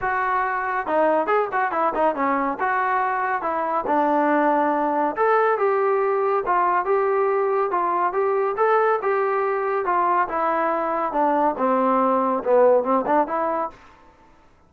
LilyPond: \new Staff \with { instrumentName = "trombone" } { \time 4/4 \tempo 4 = 140 fis'2 dis'4 gis'8 fis'8 | e'8 dis'8 cis'4 fis'2 | e'4 d'2. | a'4 g'2 f'4 |
g'2 f'4 g'4 | a'4 g'2 f'4 | e'2 d'4 c'4~ | c'4 b4 c'8 d'8 e'4 | }